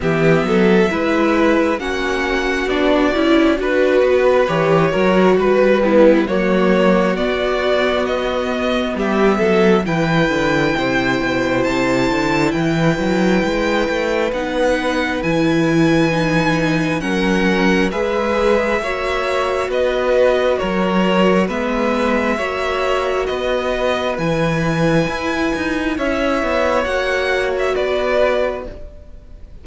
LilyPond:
<<
  \new Staff \with { instrumentName = "violin" } { \time 4/4 \tempo 4 = 67 e''2 fis''4 d''4 | b'4 cis''4 b'4 cis''4 | d''4 dis''4 e''4 g''4~ | g''4 a''4 g''2 |
fis''4 gis''2 fis''4 | e''2 dis''4 cis''4 | e''2 dis''4 gis''4~ | gis''4 e''4 fis''8. e''16 d''4 | }
  \new Staff \with { instrumentName = "violin" } { \time 4/4 g'8 a'8 b'4 fis'2 | b'4. ais'8 b'8 b8 fis'4~ | fis'2 g'8 a'8 b'4 | c''2 b'2~ |
b'2. ais'4 | b'4 cis''4 b'4 ais'4 | b'4 cis''4 b'2~ | b'4 cis''2 b'4 | }
  \new Staff \with { instrumentName = "viola" } { \time 4/4 b4 e'4 cis'4 d'8 e'8 | fis'4 g'8 fis'4 e'8 ais4 | b2. e'4~ | e'1 |
dis'4 e'4 dis'4 cis'4 | gis'4 fis'2. | b4 fis'2 e'4~ | e'2 fis'2 | }
  \new Staff \with { instrumentName = "cello" } { \time 4/4 e8 fis8 gis4 ais4 b8 cis'8 | d'8 b8 e8 fis8 g4 fis4 | b2 g8 fis8 e8 d8 | c8 b,8 c8 d8 e8 fis8 gis8 a8 |
b4 e2 fis4 | gis4 ais4 b4 fis4 | gis4 ais4 b4 e4 | e'8 dis'8 cis'8 b8 ais4 b4 | }
>>